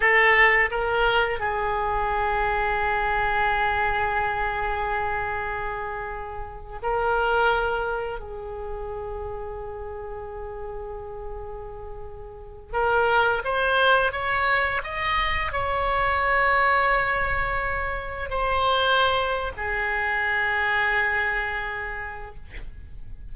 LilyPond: \new Staff \with { instrumentName = "oboe" } { \time 4/4 \tempo 4 = 86 a'4 ais'4 gis'2~ | gis'1~ | gis'4.~ gis'16 ais'2 gis'16~ | gis'1~ |
gis'2~ gis'16 ais'4 c''8.~ | c''16 cis''4 dis''4 cis''4.~ cis''16~ | cis''2~ cis''16 c''4.~ c''16 | gis'1 | }